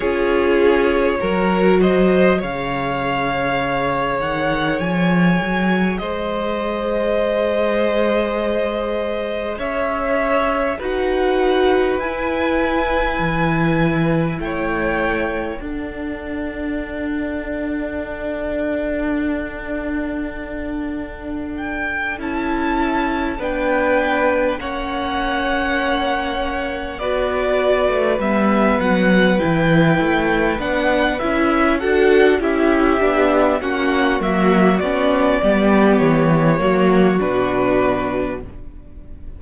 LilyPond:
<<
  \new Staff \with { instrumentName = "violin" } { \time 4/4 \tempo 4 = 50 cis''4. dis''8 f''4. fis''8 | gis''4 dis''2. | e''4 fis''4 gis''2 | g''4 fis''2.~ |
fis''2 g''8 a''4 g''8~ | g''8 fis''2 d''4 e''8 | fis''8 g''4 fis''8 e''8 fis''8 e''4 | fis''8 e''8 d''4 cis''4 b'4 | }
  \new Staff \with { instrumentName = "violin" } { \time 4/4 gis'4 ais'8 c''8 cis''2~ | cis''4 c''2. | cis''4 b'2. | cis''4 a'2.~ |
a'2.~ a'8 b'8~ | b'8 cis''2 b'4.~ | b'2~ b'8 a'8 g'4 | fis'4. g'4 fis'4. | }
  \new Staff \with { instrumentName = "viola" } { \time 4/4 f'4 fis'4 gis'2~ | gis'1~ | gis'4 fis'4 e'2~ | e'4 d'2.~ |
d'2~ d'8 e'4 d'8~ | d'8 cis'2 fis'4 b8~ | b8 e'4 d'8 e'8 fis'8 e'8 d'8 | cis'8 ais8 cis'8 b4 ais8 d'4 | }
  \new Staff \with { instrumentName = "cello" } { \time 4/4 cis'4 fis4 cis4. dis8 | f8 fis8 gis2. | cis'4 dis'4 e'4 e4 | a4 d'2.~ |
d'2~ d'8 cis'4 b8~ | b8 ais2 b8. a16 g8 | fis8 e8 a8 b8 cis'8 d'8 cis'8 b8 | ais8 fis8 b8 g8 e8 fis8 b,4 | }
>>